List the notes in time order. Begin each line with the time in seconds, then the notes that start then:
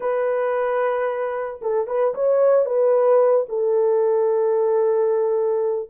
0.00 B4
1.61 A4
1.87 B4
2.14 C#5
2.65 B4
3.48 A4